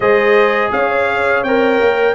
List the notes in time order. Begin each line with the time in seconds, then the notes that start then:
0.00 G#3 G#4 C5 D#5
0.71 C#4 C#5 F5
1.43 C4 A#4 G5
1.80 A#3